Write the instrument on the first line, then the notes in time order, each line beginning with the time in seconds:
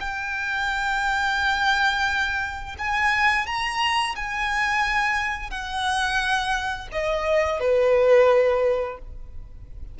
violin
0.00 G5
2.78 G#5
3.46 A#5
4.16 G#5
5.50 F#5
6.92 D#5
7.60 B4